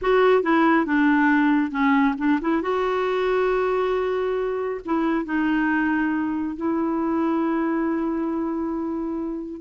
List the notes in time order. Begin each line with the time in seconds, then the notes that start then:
0.01 F#4
0.42 E4
0.85 D4
1.71 C#4
2.17 D4
2.41 E4
2.61 F#4
4.85 E4
5.25 D#4
6.56 E4